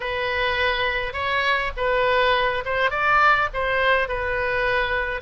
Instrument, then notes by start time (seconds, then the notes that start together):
oboe
0.00 B4
1.13 C#5
1.76 B4
2.65 C5
2.90 D5
3.53 C5
4.08 B4